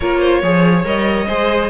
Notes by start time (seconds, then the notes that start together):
0.00 A#3 F4 A#4 C#5
0.20 C5
0.42 F3 G#4 C#5
0.84 G3 A#4 D#5
1.27 G#3 G#4 C5